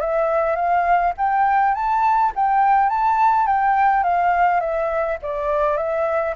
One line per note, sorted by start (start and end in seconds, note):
0.00 0.55 E5
0.55 1.13 F5
1.17 1.74 G5
1.74 2.32 A5
2.35 2.89 G5
2.89 3.46 A5
3.46 4.03 G5
4.03 4.60 F5
4.60 5.17 E5
5.22 5.76 D5
5.76 6.34 E5